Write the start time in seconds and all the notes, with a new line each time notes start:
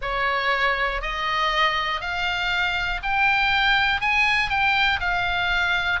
0.01 C#5
1.01 D#5
2.00 F5
3.02 G5
4.00 G#5
4.49 G5
5.00 F5